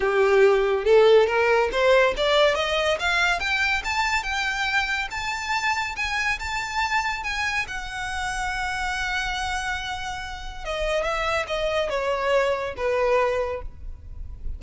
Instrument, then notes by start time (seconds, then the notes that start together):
violin
0.00 G4
0.85 A4
1.26 A#4
1.71 C5
2.16 D5
2.55 D#5
2.99 F5
3.39 G5
3.84 A5
4.23 G5
5.10 A5
5.96 G#5
6.39 A5
7.23 G#5
7.67 F#5
10.65 D#5
11.03 E5
11.47 D#5
11.89 C#5
12.76 B4